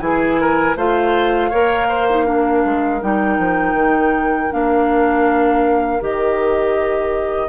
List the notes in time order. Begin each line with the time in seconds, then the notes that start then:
0.00 E3 E4 G#4 G#5
0.41 A#4
0.76 A3 F4 C5 F5
1.50 A#3 A#4 C#5
1.88 C5
2.10 D#4
2.25 D4 A#4
2.65 G#3
3.01 G3 D#4 G5
3.38 F3
3.74 D#3
4.50 A#3 D4 F5
6.01 D#3 G4 D#5